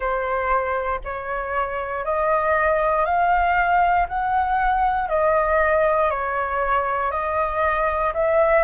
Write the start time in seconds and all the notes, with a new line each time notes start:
0.00 C5
1.04 C#5
2.04 D#5
3.05 F5
4.08 F#5
5.08 D#5
6.10 C#5
7.11 D#5
8.14 E5